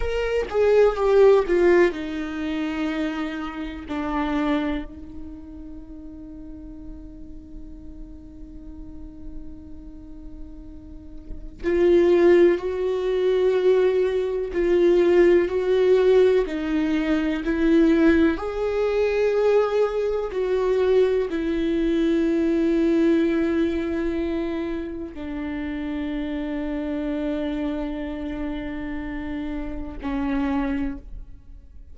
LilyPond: \new Staff \with { instrumentName = "viola" } { \time 4/4 \tempo 4 = 62 ais'8 gis'8 g'8 f'8 dis'2 | d'4 dis'2.~ | dis'1 | f'4 fis'2 f'4 |
fis'4 dis'4 e'4 gis'4~ | gis'4 fis'4 e'2~ | e'2 d'2~ | d'2. cis'4 | }